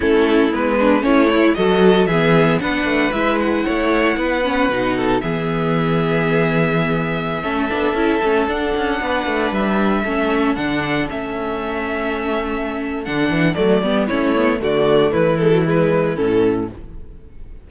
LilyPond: <<
  \new Staff \with { instrumentName = "violin" } { \time 4/4 \tempo 4 = 115 a'4 b'4 cis''4 dis''4 | e''4 fis''4 e''8 fis''4.~ | fis''2 e''2~ | e''1~ |
e''16 fis''2 e''4.~ e''16~ | e''16 fis''4 e''2~ e''8.~ | e''4 fis''4 d''4 cis''4 | d''4 b'8 a'8 b'4 a'4 | }
  \new Staff \with { instrumentName = "violin" } { \time 4/4 e'4. d'8 cis'8 e'8 a'4 | gis'4 b'2 cis''4 | b'4. a'8 gis'2~ | gis'2~ gis'16 a'4.~ a'16~ |
a'4~ a'16 b'2 a'8.~ | a'1~ | a'2. e'4 | fis'4 e'2. | }
  \new Staff \with { instrumentName = "viola" } { \time 4/4 cis'4 b4 e'4 fis'4 | b4 d'4 e'2~ | e'8 cis'8 dis'4 b2~ | b2~ b16 cis'8 d'8 e'8 cis'16~ |
cis'16 d'2. cis'8.~ | cis'16 d'4 cis'2~ cis'8.~ | cis'4 d'4 a8 b8 cis'8 b8 | a4. gis16 fis16 gis4 cis'4 | }
  \new Staff \with { instrumentName = "cello" } { \time 4/4 a4 gis4 a4 fis4 | e4 b8 a8 gis4 a4 | b4 b,4 e2~ | e2~ e16 a8 b8 cis'8 a16~ |
a16 d'8 cis'8 b8 a8 g4 a8.~ | a16 d4 a2~ a8.~ | a4 d8 e8 fis8 g8 a4 | d4 e2 a,4 | }
>>